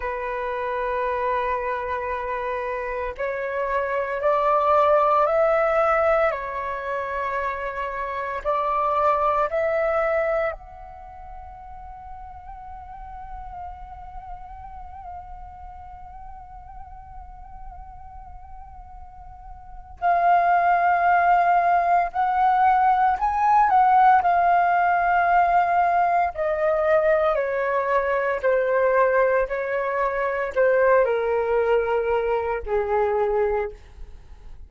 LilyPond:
\new Staff \with { instrumentName = "flute" } { \time 4/4 \tempo 4 = 57 b'2. cis''4 | d''4 e''4 cis''2 | d''4 e''4 fis''2~ | fis''1~ |
fis''2. f''4~ | f''4 fis''4 gis''8 fis''8 f''4~ | f''4 dis''4 cis''4 c''4 | cis''4 c''8 ais'4. gis'4 | }